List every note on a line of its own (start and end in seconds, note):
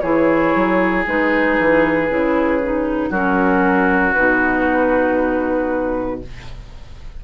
0.00 0.55 E3
0.00 1.06 E4
0.00 3.10 G#4
0.00 1.03 C#5
0.55 1.07 F#3
1.07 1.59 G#3
1.07 2.09 D#4
1.07 3.12 B4
1.59 2.10 E3
2.09 3.11 C#3
2.09 2.61 E4
2.64 3.13 D#4
3.10 4.14 F#3
3.10 4.16 C#4
3.10 6.20 F#4
3.10 4.14 A#4
4.14 6.25 B2
4.14 6.23 D#4
4.14 6.21 B4